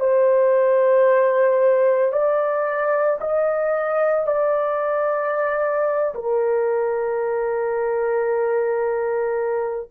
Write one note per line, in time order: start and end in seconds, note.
0.00 2.12 C5
2.12 3.19 D5
3.20 4.27 D#5
4.27 6.14 D5
6.15 9.90 A#4